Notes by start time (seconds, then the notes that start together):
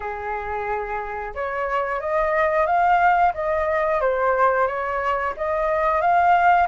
0.00 G#4
1.34 C#5
2.00 D#5
2.66 F5
3.34 D#5
4.00 C5
4.67 C#5
5.37 D#5
6.01 F5